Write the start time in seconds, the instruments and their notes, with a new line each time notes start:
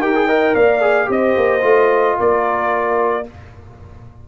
0.00 tuba D#4, trombone G4, horn A#4, trumpet G5
0.15 trombone G#4
0.26 trombone A#4, horn D#5
0.54 tuba A#3, horn D5, trumpet F5
0.81 trombone G#4
1.06 tuba C4, trombone G4, horn C5, trumpet D#5
1.36 tuba A#3
1.61 tuba A3, trombone F4
2.18 tuba A#3, horn A#4, trumpet D5